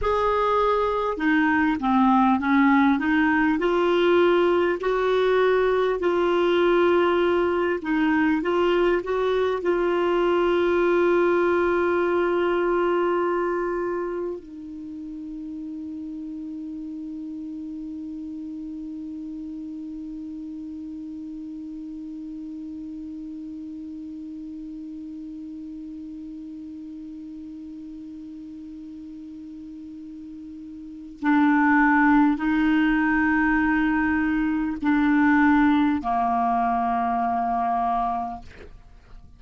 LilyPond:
\new Staff \with { instrumentName = "clarinet" } { \time 4/4 \tempo 4 = 50 gis'4 dis'8 c'8 cis'8 dis'8 f'4 | fis'4 f'4. dis'8 f'8 fis'8 | f'1 | dis'1~ |
dis'1~ | dis'1~ | dis'2 d'4 dis'4~ | dis'4 d'4 ais2 | }